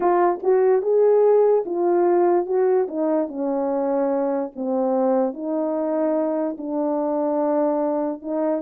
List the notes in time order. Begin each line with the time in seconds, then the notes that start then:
0.00 F4
0.42 F#4
0.81 G#4
1.65 F4
2.46 F#4
2.88 D#4
3.28 C#4
4.55 C4
5.33 D#4
6.57 D4
8.22 D#4